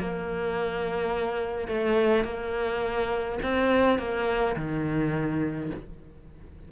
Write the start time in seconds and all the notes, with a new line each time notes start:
0.00 A#3
1.68 A3
2.25 A#3
3.43 C4
3.99 A#3
4.57 D#3